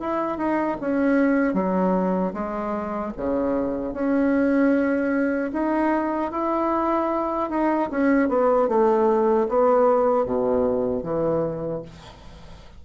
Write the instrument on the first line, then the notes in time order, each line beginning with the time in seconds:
bassoon
0.00 E4
0.38 D#4
0.81 C#4
1.54 F#3
2.34 G#3
3.18 C#3
3.94 C#4
5.53 D#4
6.32 E4
7.50 D#4
7.91 C#4
8.29 B3
8.69 A3
9.49 B3
10.26 B2
11.03 E3